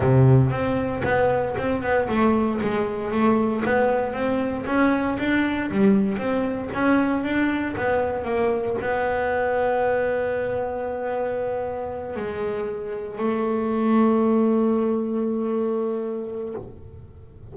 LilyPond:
\new Staff \with { instrumentName = "double bass" } { \time 4/4 \tempo 4 = 116 c4 c'4 b4 c'8 b8 | a4 gis4 a4 b4 | c'4 cis'4 d'4 g4 | c'4 cis'4 d'4 b4 |
ais4 b2.~ | b2.~ b8 gis8~ | gis4. a2~ a8~ | a1 | }